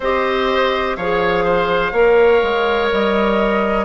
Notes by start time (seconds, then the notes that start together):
0.00 C4 G4 C5 D#5
0.95 F3 G#4 C#5 F5
1.44 C5
1.92 A#3 A#4 C#5
2.42 G#3
2.91 G3 D#5